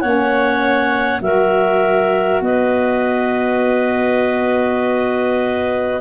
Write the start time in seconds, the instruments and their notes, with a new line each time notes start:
0.00 tuba A#3, saxophone C#4, clarinet C#5 F#5
1.19 tuba F#3, saxophone F#4, clarinet A#4 E5
2.40 tuba B3, clarinet B4 D#5